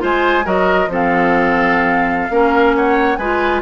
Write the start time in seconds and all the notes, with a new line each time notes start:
0.00 G#3 F4 C5 G#5
0.45 F#3 F#4 A#4 D#5
0.87 F3 C4 A4
0.95 F5
2.30 A#3 C#4 A#4
2.77 C#5 F#5
3.17 G#3 F4 B4 G#5